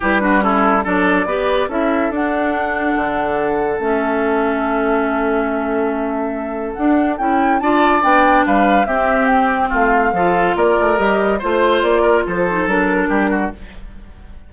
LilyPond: <<
  \new Staff \with { instrumentName = "flute" } { \time 4/4 \tempo 4 = 142 b'4 a'4 d''2 | e''4 fis''2.~ | fis''4 e''2.~ | e''1 |
fis''4 g''4 a''4 g''4 | f''4 e''4 g''4 f''4~ | f''4 d''4 dis''4 c''4 | d''4 c''4 ais'2 | }
  \new Staff \with { instrumentName = "oboe" } { \time 4/4 g'8 fis'8 e'4 a'4 b'4 | a'1~ | a'1~ | a'1~ |
a'2 d''2 | b'4 g'2 f'4 | a'4 ais'2 c''4~ | c''8 ais'8 a'2 g'8 fis'8 | }
  \new Staff \with { instrumentName = "clarinet" } { \time 4/4 e'8 d'8 cis'4 d'4 g'4 | e'4 d'2.~ | d'4 cis'2.~ | cis'1 |
d'4 e'4 f'4 d'4~ | d'4 c'2. | f'2 g'4 f'4~ | f'4. dis'8 d'2 | }
  \new Staff \with { instrumentName = "bassoon" } { \time 4/4 g2 fis4 b4 | cis'4 d'2 d4~ | d4 a2.~ | a1 |
d'4 cis'4 d'4 b4 | g4 c'2 a4 | f4 ais8 a8 g4 a4 | ais4 f4 fis4 g4 | }
>>